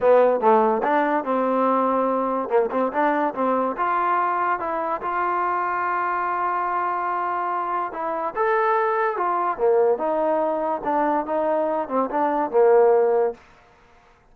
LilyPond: \new Staff \with { instrumentName = "trombone" } { \time 4/4 \tempo 4 = 144 b4 a4 d'4 c'4~ | c'2 ais8 c'8 d'4 | c'4 f'2 e'4 | f'1~ |
f'2. e'4 | a'2 f'4 ais4 | dis'2 d'4 dis'4~ | dis'8 c'8 d'4 ais2 | }